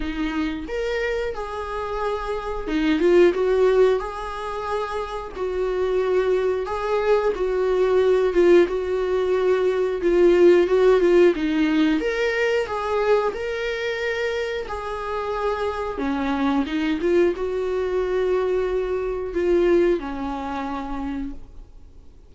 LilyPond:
\new Staff \with { instrumentName = "viola" } { \time 4/4 \tempo 4 = 90 dis'4 ais'4 gis'2 | dis'8 f'8 fis'4 gis'2 | fis'2 gis'4 fis'4~ | fis'8 f'8 fis'2 f'4 |
fis'8 f'8 dis'4 ais'4 gis'4 | ais'2 gis'2 | cis'4 dis'8 f'8 fis'2~ | fis'4 f'4 cis'2 | }